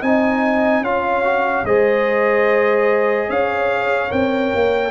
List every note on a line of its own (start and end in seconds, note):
0.00 0.82 C4
0.00 0.85 D#4
0.00 0.82 D#5
0.00 0.84 G#5
0.82 1.64 C#4
0.82 1.24 F4
0.82 1.67 C#5
0.82 1.66 F5
1.24 1.66 F#4
1.64 3.29 G#3
1.64 4.09 G#4
1.64 3.30 C5
1.64 3.30 D#5
3.30 4.12 C#4
3.30 4.91 C#5
3.30 4.12 F5
4.09 4.53 C4
4.09 4.91 A#4
4.09 4.91 G5
4.55 4.91 A#3